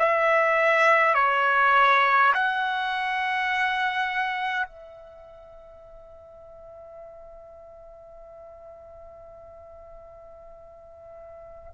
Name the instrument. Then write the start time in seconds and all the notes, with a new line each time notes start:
trumpet
0.00 E5
1.15 C#5
2.35 F#5
4.66 E5